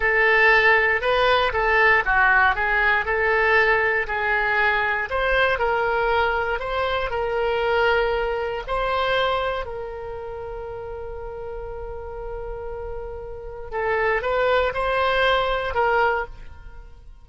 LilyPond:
\new Staff \with { instrumentName = "oboe" } { \time 4/4 \tempo 4 = 118 a'2 b'4 a'4 | fis'4 gis'4 a'2 | gis'2 c''4 ais'4~ | ais'4 c''4 ais'2~ |
ais'4 c''2 ais'4~ | ais'1~ | ais'2. a'4 | b'4 c''2 ais'4 | }